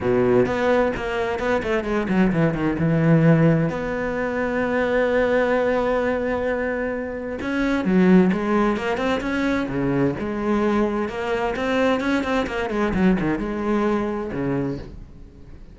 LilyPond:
\new Staff \with { instrumentName = "cello" } { \time 4/4 \tempo 4 = 130 b,4 b4 ais4 b8 a8 | gis8 fis8 e8 dis8 e2 | b1~ | b1 |
cis'4 fis4 gis4 ais8 c'8 | cis'4 cis4 gis2 | ais4 c'4 cis'8 c'8 ais8 gis8 | fis8 dis8 gis2 cis4 | }